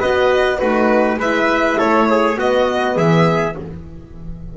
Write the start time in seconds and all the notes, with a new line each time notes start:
0.00 B3 F#4 B4 D#5
0.59 A3 D#4 F#4 B4
1.17 G#3 E4 B4 E5
1.78 A3 A4 C#5
2.10 G#4
2.37 B3 F#4 D#5
2.96 E3 G#4 E5